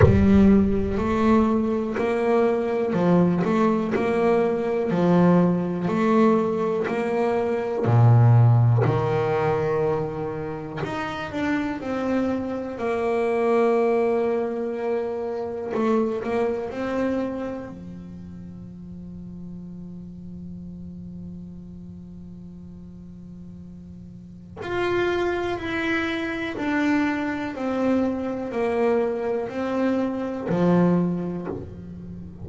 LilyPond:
\new Staff \with { instrumentName = "double bass" } { \time 4/4 \tempo 4 = 61 g4 a4 ais4 f8 a8 | ais4 f4 a4 ais4 | ais,4 dis2 dis'8 d'8 | c'4 ais2. |
a8 ais8 c'4 f2~ | f1~ | f4 f'4 e'4 d'4 | c'4 ais4 c'4 f4 | }